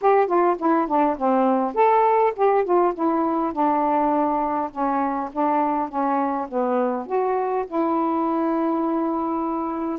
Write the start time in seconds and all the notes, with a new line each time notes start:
0.01 G4
0.26 F4
0.59 E4
0.87 D4
1.17 C4
1.74 A4
2.35 G4
2.64 F4
2.94 E4
3.52 D4
4.71 C#4
5.32 D4
5.88 C#4
6.48 B3
7.06 F#4
7.66 E4